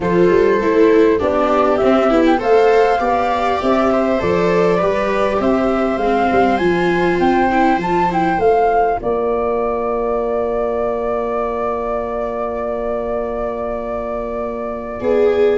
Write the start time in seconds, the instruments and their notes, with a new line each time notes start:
0.00 tuba F3, viola F4 A4, flute C5
0.29 tuba G3
0.59 tuba A3, viola E4
1.18 tuba B3, viola D4 G4, flute D5
1.77 viola C4, tuba C4, flute E5
2.10 tuba B3, viola E4
2.25 flute G5
2.38 tuba A3, viola A4 C5, flute F5
2.98 tuba B3, viola G4 D5
3.61 tuba C4, flute E5
3.92 viola C5
4.19 tuba F3, viola A4, flute D5
4.77 tuba G3, viola G4 B4
5.40 tuba C4, viola C5, flute E5
5.96 tuba G#3, flute F5
6.03 viola C4
6.32 tuba G3
6.57 tuba F3, viola F4, flute G#5
7.19 tuba C4, flute G5
7.50 viola E4
7.77 tuba F3, viola F4, flute A5
8.10 viola E4, flute G5
8.38 tuba A3, viola F4, flute F5
8.97 tuba A#3, viola A#4, flute D5
15.00 tuba B3, viola G#4